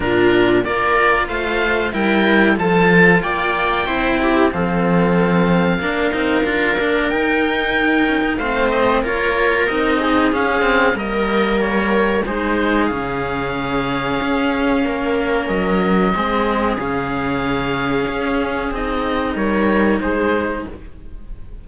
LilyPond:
<<
  \new Staff \with { instrumentName = "oboe" } { \time 4/4 \tempo 4 = 93 ais'4 d''4 f''4 g''4 | a''4 g''2 f''4~ | f''2. g''4~ | g''4 f''8 dis''8 cis''4 dis''4 |
f''4 dis''4 cis''4 c''4 | f''1 | dis''2 f''2~ | f''4 dis''4 cis''4 c''4 | }
  \new Staff \with { instrumentName = "viola" } { \time 4/4 f'4 ais'4 c''4 ais'4 | a'4 d''4 c''8 g'8 a'4~ | a'4 ais'2.~ | ais'4 c''4 ais'4. gis'8~ |
gis'4 ais'2 gis'4~ | gis'2. ais'4~ | ais'4 gis'2.~ | gis'2 ais'4 gis'4 | }
  \new Staff \with { instrumentName = "cello" } { \time 4/4 d'4 f'2 e'4 | f'2 e'4 c'4~ | c'4 d'8 dis'8 f'8 d'8 dis'4~ | dis'4 c'4 f'4 dis'4 |
cis'8 c'8 ais2 dis'4 | cis'1~ | cis'4 c'4 cis'2~ | cis'4 dis'2. | }
  \new Staff \with { instrumentName = "cello" } { \time 4/4 ais,4 ais4 a4 g4 | f4 ais4 c'4 f4~ | f4 ais8 c'8 d'8 ais8 dis'4~ | dis'8 cis'16 dis'16 a4 ais4 c'4 |
cis'4 g2 gis4 | cis2 cis'4 ais4 | fis4 gis4 cis2 | cis'4 c'4 g4 gis4 | }
>>